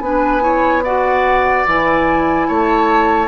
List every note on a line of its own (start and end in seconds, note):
0.00 1.64 B3
0.00 0.41 D4
0.00 0.42 B4
0.00 0.82 G#5
0.41 0.82 E4
0.41 0.83 C#5
0.83 1.67 F#4
0.83 2.48 D5
0.83 1.66 F#5
1.66 2.48 E3
1.66 3.27 E4
1.66 2.49 G#5
2.48 3.27 A3
2.48 3.27 C#5
2.48 3.27 A5